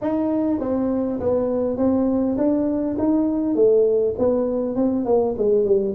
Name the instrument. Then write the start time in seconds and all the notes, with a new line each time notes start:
tuba
0.01 D#4
0.60 C4
1.20 B3
1.77 C4
2.37 D4
2.98 D#4
3.55 A3
4.18 B3
4.75 C4
5.05 A#3
5.37 G#3
5.64 G3